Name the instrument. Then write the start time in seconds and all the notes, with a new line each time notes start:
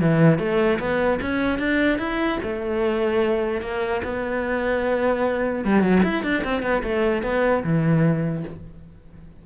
cello
0.00 E3
0.38 A3
0.79 B3
1.21 C#4
1.58 D4
1.98 E4
2.43 A3
3.61 A#3
4.04 B3
5.64 G3
5.82 F#3
6.03 E4
6.23 D4
6.44 C4
6.62 B3
6.83 A3
7.22 B3
7.63 E3